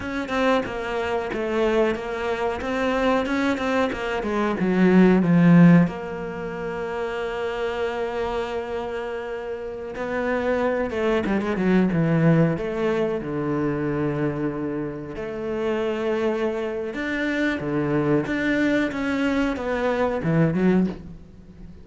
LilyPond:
\new Staff \with { instrumentName = "cello" } { \time 4/4 \tempo 4 = 92 cis'8 c'8 ais4 a4 ais4 | c'4 cis'8 c'8 ais8 gis8 fis4 | f4 ais2.~ | ais2.~ ais16 b8.~ |
b8. a8 g16 gis16 fis8 e4 a8.~ | a16 d2. a8.~ | a2 d'4 d4 | d'4 cis'4 b4 e8 fis8 | }